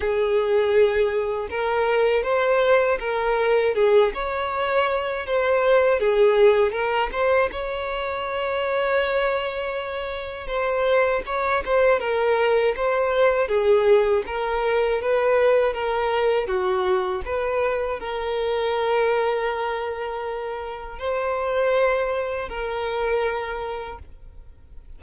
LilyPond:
\new Staff \with { instrumentName = "violin" } { \time 4/4 \tempo 4 = 80 gis'2 ais'4 c''4 | ais'4 gis'8 cis''4. c''4 | gis'4 ais'8 c''8 cis''2~ | cis''2 c''4 cis''8 c''8 |
ais'4 c''4 gis'4 ais'4 | b'4 ais'4 fis'4 b'4 | ais'1 | c''2 ais'2 | }